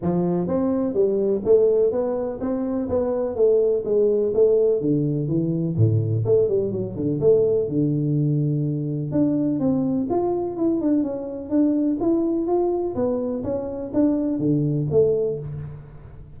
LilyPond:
\new Staff \with { instrumentName = "tuba" } { \time 4/4 \tempo 4 = 125 f4 c'4 g4 a4 | b4 c'4 b4 a4 | gis4 a4 d4 e4 | a,4 a8 g8 fis8 d8 a4 |
d2. d'4 | c'4 f'4 e'8 d'8 cis'4 | d'4 e'4 f'4 b4 | cis'4 d'4 d4 a4 | }